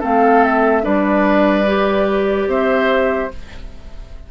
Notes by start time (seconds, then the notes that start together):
0.00 A3 C4 A4 F5
0.45 E5
0.83 G3 D4 B4 D5
1.67 G4
2.47 C4 C5 E5